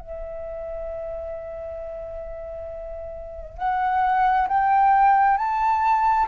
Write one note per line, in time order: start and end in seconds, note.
0.00 3.58 E5
3.58 4.48 F#5
4.48 5.38 G5
5.38 6.27 A5